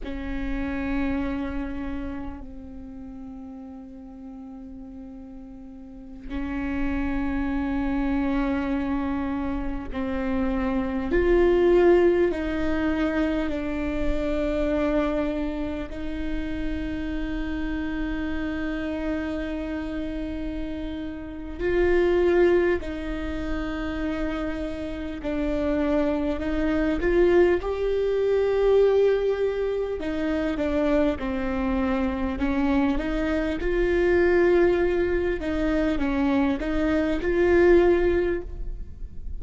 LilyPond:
\new Staff \with { instrumentName = "viola" } { \time 4/4 \tempo 4 = 50 cis'2 c'2~ | c'4~ c'16 cis'2~ cis'8.~ | cis'16 c'4 f'4 dis'4 d'8.~ | d'4~ d'16 dis'2~ dis'8.~ |
dis'2 f'4 dis'4~ | dis'4 d'4 dis'8 f'8 g'4~ | g'4 dis'8 d'8 c'4 cis'8 dis'8 | f'4. dis'8 cis'8 dis'8 f'4 | }